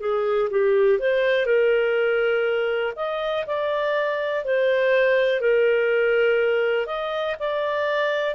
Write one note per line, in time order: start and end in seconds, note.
0.00 0.49 G#4
0.50 0.99 G4
0.99 1.45 C5
1.45 2.93 A#4
2.96 3.45 D#5
3.46 4.44 D5
4.44 5.41 C5
5.41 6.86 A#4
6.86 7.35 D#5
7.39 8.34 D5